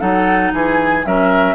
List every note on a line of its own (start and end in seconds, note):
0.00 0.53 F#3
0.00 1.04 D#4
0.00 0.52 A4
0.00 0.52 F#5
0.53 1.04 E3
0.53 1.06 G#4
0.53 1.06 G#5
1.05 1.55 F#3
1.05 1.55 C#4
1.05 1.55 A#4
1.05 1.55 E5